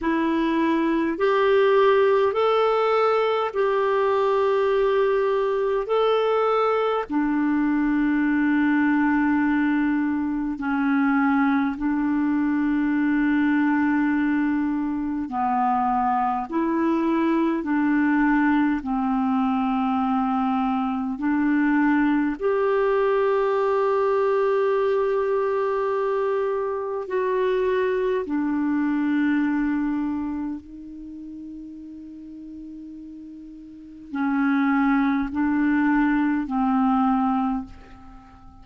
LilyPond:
\new Staff \with { instrumentName = "clarinet" } { \time 4/4 \tempo 4 = 51 e'4 g'4 a'4 g'4~ | g'4 a'4 d'2~ | d'4 cis'4 d'2~ | d'4 b4 e'4 d'4 |
c'2 d'4 g'4~ | g'2. fis'4 | d'2 dis'2~ | dis'4 cis'4 d'4 c'4 | }